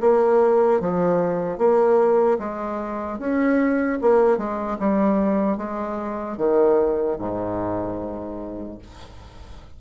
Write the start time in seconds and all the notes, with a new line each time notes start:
0.00 A#3
0.80 F3
1.58 A#3
2.39 G#3
3.19 C#4
4.01 A#3
4.37 G#3
4.79 G3
5.57 G#3
6.37 D#3
7.18 G#2